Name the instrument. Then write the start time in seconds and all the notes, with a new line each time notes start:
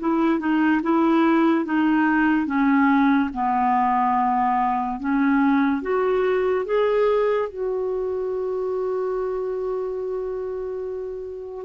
clarinet
0.00 E4
0.40 D#4
0.83 E4
1.66 D#4
2.47 C#4
3.34 B3
5.00 C#4
5.83 F#4
6.66 G#4
7.49 F#4